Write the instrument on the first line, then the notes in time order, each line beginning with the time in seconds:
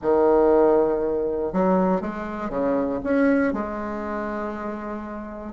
bassoon
0.02 D#3
1.52 F#3
2.01 G#3
2.49 C#3
3.03 C#4
3.53 G#3